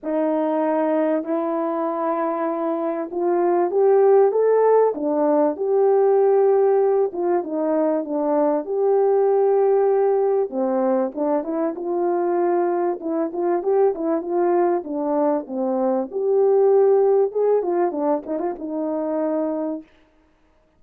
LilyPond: \new Staff \with { instrumentName = "horn" } { \time 4/4 \tempo 4 = 97 dis'2 e'2~ | e'4 f'4 g'4 a'4 | d'4 g'2~ g'8 f'8 | dis'4 d'4 g'2~ |
g'4 c'4 d'8 e'8 f'4~ | f'4 e'8 f'8 g'8 e'8 f'4 | d'4 c'4 g'2 | gis'8 f'8 d'8 dis'16 f'16 dis'2 | }